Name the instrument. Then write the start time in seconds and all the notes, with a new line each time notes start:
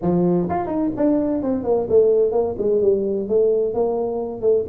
tuba
0.01 F3
0.49 F4
0.66 D#4
0.96 D4
1.42 C4
1.63 A#3
1.89 A3
2.31 A#3
2.58 G#3
2.81 G3
3.28 A3
3.74 A#3
4.41 A3